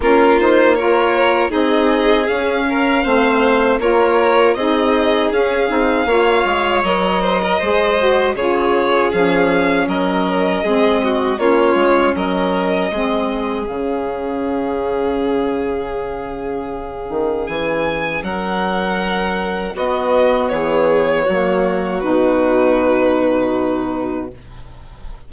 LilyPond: <<
  \new Staff \with { instrumentName = "violin" } { \time 4/4 \tempo 4 = 79 ais'8 c''8 cis''4 dis''4 f''4~ | f''4 cis''4 dis''4 f''4~ | f''4 dis''2 cis''4 | f''4 dis''2 cis''4 |
dis''2 f''2~ | f''2. gis''4 | fis''2 dis''4 cis''4~ | cis''4 b'2. | }
  \new Staff \with { instrumentName = "violin" } { \time 4/4 f'4 ais'4 gis'4. ais'8 | c''4 ais'4 gis'2 | cis''4. c''16 ais'16 c''4 gis'4~ | gis'4 ais'4 gis'8 fis'8 f'4 |
ais'4 gis'2.~ | gis'1 | ais'2 fis'4 gis'4 | fis'1 | }
  \new Staff \with { instrumentName = "saxophone" } { \time 4/4 cis'8 dis'8 f'4 dis'4 cis'4 | c'4 f'4 dis'4 cis'8 dis'8 | f'4 ais'4 gis'8 fis'8 f'4 | cis'2 c'4 cis'4~ |
cis'4 c'4 cis'2~ | cis'1~ | cis'2 b2 | ais4 dis'2. | }
  \new Staff \with { instrumentName = "bassoon" } { \time 4/4 ais2 c'4 cis'4 | a4 ais4 c'4 cis'8 c'8 | ais8 gis8 fis4 gis4 cis4 | f4 fis4 gis4 ais8 gis8 |
fis4 gis4 cis2~ | cis2~ cis8 dis8 e4 | fis2 b4 e4 | fis4 b,2. | }
>>